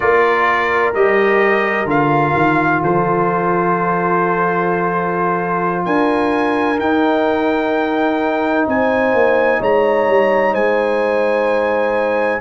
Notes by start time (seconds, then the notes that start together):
0.00 A#3 F4 A#4 D5
0.94 G3 G4 D#5
1.85 D3 F4 F5
2.36 D#3
2.82 F3 A4 C5
5.85 D4 A#4 G#5
6.79 D#4 G5
8.67 C4 C5 G#5
9.13 A#3
9.60 G#3 C#5 A#5
10.07 G3
10.53 G#3 C5 G#5